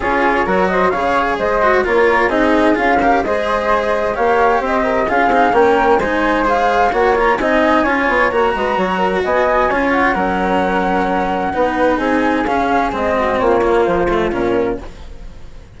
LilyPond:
<<
  \new Staff \with { instrumentName = "flute" } { \time 4/4 \tempo 4 = 130 cis''4. dis''8 f''4 dis''4 | cis''4 dis''4 f''4 dis''4~ | dis''4 f''4 dis''4 f''4 | g''4 gis''4 f''4 fis''8 ais''8 |
gis''2 ais''2 | gis''4. fis''2~ fis''8~ | fis''2 gis''4 f''4 | dis''4 cis''4 c''4 ais'4 | }
  \new Staff \with { instrumentName = "flute" } { \time 4/4 gis'4 ais'8 c''8 cis''4 c''4 | ais'4 gis'4. ais'8 c''4~ | c''4 cis''4 c''8 ais'8 gis'4 | ais'4 c''2 cis''4 |
dis''4 cis''4. b'8 cis''8 ais'8 | dis''4 cis''4 ais'2~ | ais'4 b'4 gis'2~ | gis'8 fis'8 f'2. | }
  \new Staff \with { instrumentName = "cello" } { \time 4/4 f'4 fis'4 gis'4. fis'8 | f'4 dis'4 f'8 g'8 gis'4~ | gis'4 g'2 f'8 dis'8 | cis'4 dis'4 gis'4 fis'8 f'8 |
dis'4 f'4 fis'2~ | fis'4 f'4 cis'2~ | cis'4 dis'2 cis'4 | c'4. ais4 a8 cis'4 | }
  \new Staff \with { instrumentName = "bassoon" } { \time 4/4 cis'4 fis4 cis4 gis4 | ais4 c'4 cis'4 gis4~ | gis4 ais4 c'4 cis'8 c'8 | ais4 gis2 ais4 |
c'4 cis'8 b8 ais8 gis8 fis4 | b4 cis'4 fis2~ | fis4 b4 c'4 cis'4 | gis4 ais4 f4 ais,4 | }
>>